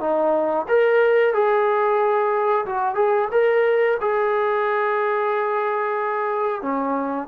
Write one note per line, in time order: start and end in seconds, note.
0.00 0.66 D#4
0.68 1.33 A#4
1.33 2.65 G#4
2.66 2.95 F#4
2.95 3.28 G#4
3.31 3.97 A#4
4.00 6.62 G#4
6.62 7.27 C#4